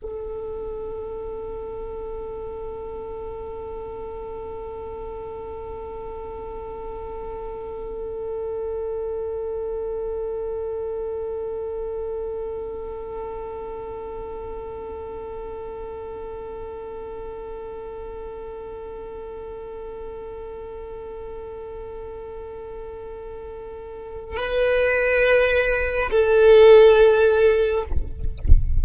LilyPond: \new Staff \with { instrumentName = "violin" } { \time 4/4 \tempo 4 = 69 a'1~ | a'1~ | a'1~ | a'1~ |
a'1~ | a'1~ | a'1 | b'2 a'2 | }